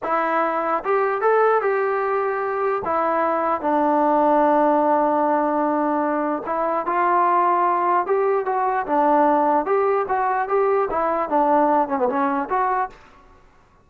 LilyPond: \new Staff \with { instrumentName = "trombone" } { \time 4/4 \tempo 4 = 149 e'2 g'4 a'4 | g'2. e'4~ | e'4 d'2.~ | d'1 |
e'4 f'2. | g'4 fis'4 d'2 | g'4 fis'4 g'4 e'4 | d'4. cis'16 b16 cis'4 fis'4 | }